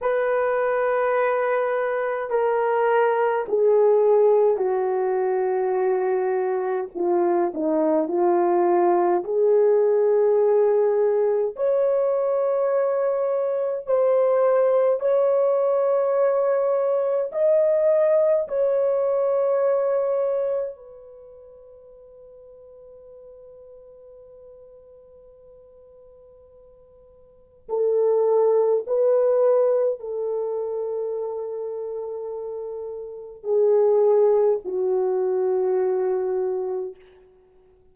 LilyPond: \new Staff \with { instrumentName = "horn" } { \time 4/4 \tempo 4 = 52 b'2 ais'4 gis'4 | fis'2 f'8 dis'8 f'4 | gis'2 cis''2 | c''4 cis''2 dis''4 |
cis''2 b'2~ | b'1 | a'4 b'4 a'2~ | a'4 gis'4 fis'2 | }